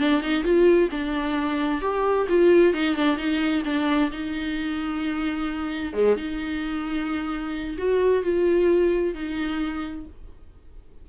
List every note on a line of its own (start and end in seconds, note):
0.00 0.22 D4
0.22 0.44 D#4
0.44 0.90 F4
0.91 1.82 D4
1.82 2.28 G4
2.29 2.74 F4
2.74 2.96 D#4
2.96 3.17 D4
3.17 3.63 D#4
3.65 4.11 D4
4.12 5.94 D#4
5.94 6.17 G#3
6.17 7.77 D#4
7.78 8.24 F#4
8.24 9.15 F4
9.15 10.07 D#4